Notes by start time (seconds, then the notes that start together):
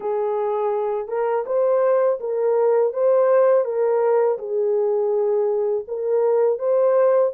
0.00 G#4
1.08 A#4
1.46 C5
2.20 A#4
2.93 C5
3.64 A#4
4.38 G#4
5.87 A#4
6.58 C5